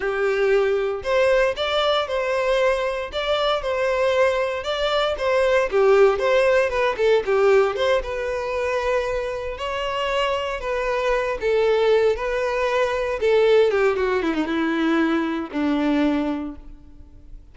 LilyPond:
\new Staff \with { instrumentName = "violin" } { \time 4/4 \tempo 4 = 116 g'2 c''4 d''4 | c''2 d''4 c''4~ | c''4 d''4 c''4 g'4 | c''4 b'8 a'8 g'4 c''8 b'8~ |
b'2~ b'8 cis''4.~ | cis''8 b'4. a'4. b'8~ | b'4. a'4 g'8 fis'8 e'16 dis'16 | e'2 d'2 | }